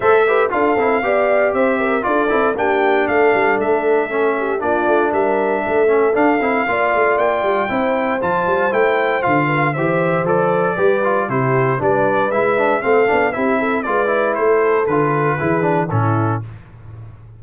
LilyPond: <<
  \new Staff \with { instrumentName = "trumpet" } { \time 4/4 \tempo 4 = 117 e''4 f''2 e''4 | d''4 g''4 f''4 e''4~ | e''4 d''4 e''2 | f''2 g''2 |
a''4 g''4 f''4 e''4 | d''2 c''4 d''4 | e''4 f''4 e''4 d''4 | c''4 b'2 a'4 | }
  \new Staff \with { instrumentName = "horn" } { \time 4/4 c''8 b'8 a'4 d''4 c''8 ais'8 | a'4 g'4 a'2~ | a'8 g'8 f'4 ais'4 a'4~ | a'4 d''2 c''4~ |
c''2~ c''8 b'8 c''4~ | c''4 b'4 g'4 b'4~ | b'4 a'4 g'8 a'8 b'4 | a'2 gis'4 e'4 | }
  \new Staff \with { instrumentName = "trombone" } { \time 4/4 a'8 g'8 f'8 e'8 g'2 | f'8 e'8 d'2. | cis'4 d'2~ d'8 cis'8 | d'8 e'8 f'2 e'4 |
f'4 e'4 f'4 g'4 | a'4 g'8 f'8 e'4 d'4 | e'8 d'8 c'8 d'8 e'4 f'8 e'8~ | e'4 f'4 e'8 d'8 cis'4 | }
  \new Staff \with { instrumentName = "tuba" } { \time 4/4 a4 d'8 c'8 b4 c'4 | d'8 c'8 ais4 a8 g8 a4~ | a4 ais8 a8 g4 a4 | d'8 c'8 ais8 a8 ais8 g8 c'4 |
f8 g8 a4 d4 e4 | f4 g4 c4 g4 | gis4 a8 b8 c'4 gis4 | a4 d4 e4 a,4 | }
>>